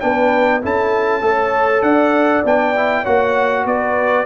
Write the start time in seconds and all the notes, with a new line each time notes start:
0.00 B3 D4 B4 G5
0.62 C#4 E4 A4 A5
1.21 A3 A4 C#5
1.82 D4 D5 F#5
2.44 B3 D4 G5
2.76 E4
3.02 A#3 F#4 C#5 F#5
3.65 B3 B4 D5